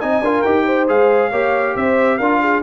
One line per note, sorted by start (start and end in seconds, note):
0.00 0.20 C4
0.00 0.23 D#4
0.00 0.24 D#5
0.00 0.42 G#5
0.20 0.42 D4
0.20 0.46 F4
0.20 0.65 A#4
0.42 0.89 D#4
0.42 0.88 G4
0.42 0.86 G5
0.65 1.31 C5
0.88 1.32 G#3
0.88 1.32 G#4
0.88 1.77 F5
1.31 1.75 A#3
1.31 2.20 G4
1.31 1.75 C#5
1.76 2.20 C4
1.76 2.18 C5
1.76 2.18 E5
2.18 2.63 D4
2.18 2.63 F4
2.18 2.40 A#4
2.18 2.61 F5
2.41 2.63 G#4